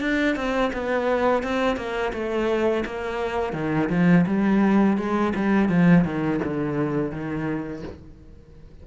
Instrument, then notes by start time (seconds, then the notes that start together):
cello
0.00 D4
0.36 C4
0.73 B3
1.43 C4
1.77 A#3
2.13 A3
2.85 A#3
3.53 D#3
3.90 F3
4.27 G3
4.97 G#3
5.35 G3
5.69 F3
6.05 D#3
6.44 D3
7.11 D#3